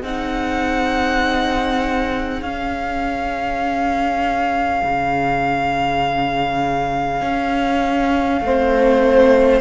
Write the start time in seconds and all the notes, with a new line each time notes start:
0.00 C4 D#4 G#4 F#5
2.42 C#4 F5
4.85 C#3
7.21 C#4
8.41 A3 C4 C5